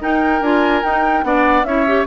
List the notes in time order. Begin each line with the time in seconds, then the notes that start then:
0.00 D#4 A#4 G5
0.41 D4 F4 G#5
0.83 D#4 G5
1.23 B3 D4 D5 F#5
1.63 C#4 E4 C#5 E5
1.87 G4